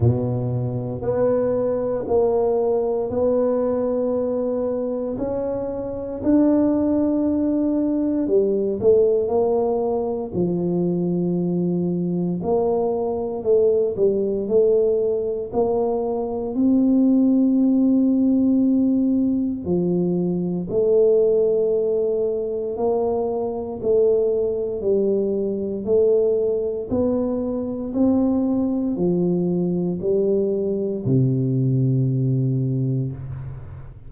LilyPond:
\new Staff \with { instrumentName = "tuba" } { \time 4/4 \tempo 4 = 58 b,4 b4 ais4 b4~ | b4 cis'4 d'2 | g8 a8 ais4 f2 | ais4 a8 g8 a4 ais4 |
c'2. f4 | a2 ais4 a4 | g4 a4 b4 c'4 | f4 g4 c2 | }